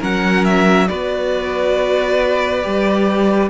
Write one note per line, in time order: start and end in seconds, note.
0.00 0.89 F#3
0.00 0.87 C#4
0.00 0.87 A#4
0.00 0.45 F#5
0.45 0.88 E5
0.88 2.65 B3
0.88 2.62 F#4
0.88 3.50 B4
0.88 3.49 D5
2.62 3.51 G3
2.62 3.49 G4